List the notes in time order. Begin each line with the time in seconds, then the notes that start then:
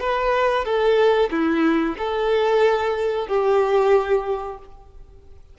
0.00 B4
0.65 A4
1.31 E4
1.98 A4
3.28 G4